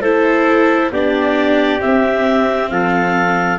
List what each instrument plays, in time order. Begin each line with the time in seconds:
0.00 tuba A3, viola E4, trumpet A4, clarinet C5
0.91 tuba B3, viola D4, trumpet G4, clarinet D5
1.80 viola C4, tuba C4, clarinet E5
2.70 tuba F3, trumpet A4, clarinet F5